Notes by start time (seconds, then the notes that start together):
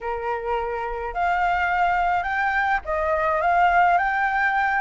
0.00 A#4
1.14 F5
2.23 G5
2.85 D#5
3.41 F5
3.98 G5